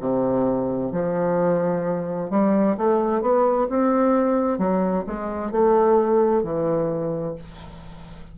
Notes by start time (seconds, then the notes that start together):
0.00 C3
0.91 F3
2.30 G3
2.77 A3
3.21 B3
3.70 C4
4.58 F#3
5.06 G#3
5.51 A3
6.43 E3